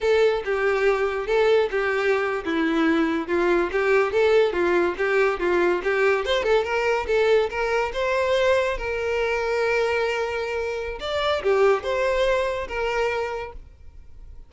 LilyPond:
\new Staff \with { instrumentName = "violin" } { \time 4/4 \tempo 4 = 142 a'4 g'2 a'4 | g'4.~ g'16 e'2 f'16~ | f'8. g'4 a'4 f'4 g'16~ | g'8. f'4 g'4 c''8 a'8 ais'16~ |
ais'8. a'4 ais'4 c''4~ c''16~ | c''8. ais'2.~ ais'16~ | ais'2 d''4 g'4 | c''2 ais'2 | }